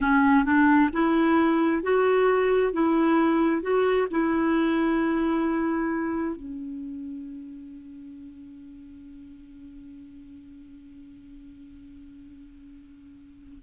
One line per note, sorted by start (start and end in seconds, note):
0.00 0.44 C#4
0.44 0.90 D4
0.93 1.83 E4
1.83 2.73 F#4
2.73 3.62 E4
3.62 4.07 F#4
4.10 6.36 E4
6.36 13.63 C#4